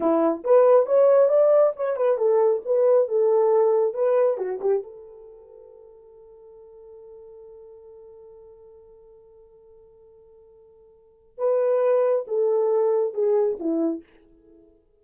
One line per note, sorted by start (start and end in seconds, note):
0.00 0.43 E4
0.44 0.86 B4
0.86 1.29 C#5
1.29 1.72 D5
1.76 1.96 C#5
1.96 2.17 B4
2.17 2.61 A4
2.65 3.08 B4
3.08 3.94 A4
3.94 4.37 B4
4.37 4.59 F#4
4.60 4.82 G4
4.83 11.37 A4
11.37 12.25 B4
12.27 13.14 A4
13.14 13.57 G#4
13.59 14.03 E4